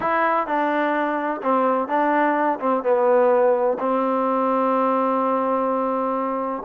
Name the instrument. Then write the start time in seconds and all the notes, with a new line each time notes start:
trombone
0.00 E4
0.46 D4
1.42 C4
1.88 D4
2.59 C4
2.83 B3
3.79 C4